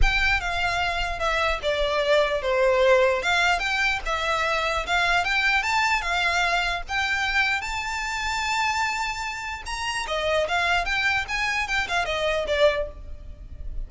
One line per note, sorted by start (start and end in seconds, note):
0.01 0.40 G5
0.40 1.19 F5
1.19 1.59 E5
1.62 2.42 D5
2.42 3.22 C5
3.22 3.59 F5
3.59 3.99 G5
4.05 4.86 E5
4.86 5.24 F5
5.24 5.62 G5
5.62 6.01 A5
6.01 6.82 F5
6.88 7.61 G5
7.61 9.62 A5
9.66 10.06 A#5
10.07 10.47 D#5
10.48 10.85 F5
10.85 11.25 G5
11.28 11.67 G#5
11.67 11.87 G5
11.88 12.05 F5
12.05 12.45 D#5
12.47 12.87 D5